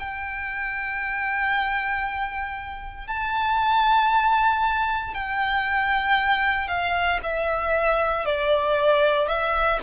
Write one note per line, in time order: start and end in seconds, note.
0.00 3.08 G5
3.08 5.14 A5
5.14 6.68 G5
6.68 7.20 F5
7.24 8.26 E5
8.26 9.28 D5
9.28 9.80 E5